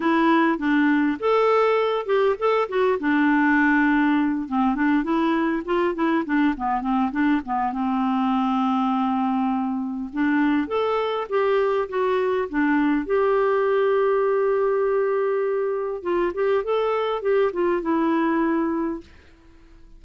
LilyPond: \new Staff \with { instrumentName = "clarinet" } { \time 4/4 \tempo 4 = 101 e'4 d'4 a'4. g'8 | a'8 fis'8 d'2~ d'8 c'8 | d'8 e'4 f'8 e'8 d'8 b8 c'8 | d'8 b8 c'2.~ |
c'4 d'4 a'4 g'4 | fis'4 d'4 g'2~ | g'2. f'8 g'8 | a'4 g'8 f'8 e'2 | }